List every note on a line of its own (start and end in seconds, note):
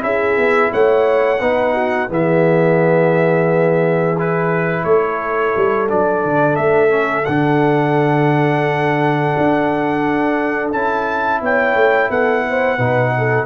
0.00 0.37 C#4
0.00 1.38 E4
0.00 0.72 G#4
0.00 0.73 E5
0.37 0.72 B3
0.72 1.41 A3
0.72 1.41 C#5
0.72 2.11 F#5
1.41 2.10 B3
1.41 2.09 D#4
1.41 1.74 B4
1.74 2.09 F#4
2.09 4.85 E3
2.09 4.16 B3
2.09 4.87 G#4
2.09 4.20 E5
4.19 5.89 E4
4.19 4.85 B4
4.85 5.54 A3
4.85 11.42 A4
4.85 5.88 C#5
5.57 5.92 G3
5.89 6.25 F#3
5.89 6.90 D4
5.89 6.56 D5
6.25 6.58 D3
6.56 7.27 A3
6.56 7.25 E5
6.90 7.24 C#4
7.25 9.35 D3
7.25 10.74 D4
7.25 10.70 F#5
9.38 10.73 D4
10.73 11.42 C#4
10.73 12.79 E4
10.73 11.42 A5
11.42 11.76 B3
11.42 12.10 C#5
11.42 12.11 G5
11.76 12.10 A3
12.10 12.79 B3
12.10 12.44 A4
12.10 13.46 F#5
12.50 12.78 C5
12.78 13.46 B2
12.78 13.46 D#4
12.78 13.12 B4
13.18 13.46 A4